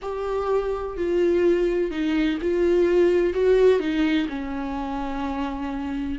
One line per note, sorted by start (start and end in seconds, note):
0.02 0.96 G4
0.96 1.90 F4
1.90 2.38 D#4
2.41 3.33 F4
3.33 3.79 F#4
3.79 4.27 D#4
4.28 6.18 C#4